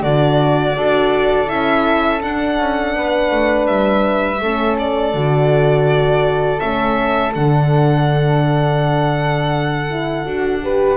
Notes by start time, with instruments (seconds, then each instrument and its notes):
0.00 double bass D3, horn D4, flute F#4, violin D5
0.76 double bass D4, horn F#4, flute A4
1.47 double bass C#4, horn E4, violin E5
2.21 horn D4, double bass D4, violin F#5
2.59 double bass C#4
2.94 double bass B3, flute B4
3.31 double bass A3
3.67 double bass G3, violin E5
4.40 double bass A3, horn C#4, flute A4
4.79 violin D5
5.14 double bass D3, horn F#4
6.59 double bass A3, horn C#4, violin E5
7.34 double bass D3, horn D4, violin F#5
9.90 horn E4
10.25 double bass D4, horn F#4
10.62 horn G4, flute B4